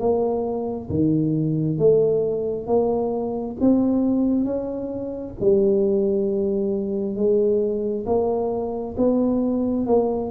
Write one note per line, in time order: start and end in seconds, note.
0.00 0.90 A#3
0.90 1.79 D#3
1.79 2.67 A3
2.67 3.57 A#3
3.61 4.45 C4
4.45 5.35 C#4
5.41 7.16 G3
7.16 8.06 G#3
8.06 8.96 A#3
8.98 9.87 B3
9.87 10.31 A#3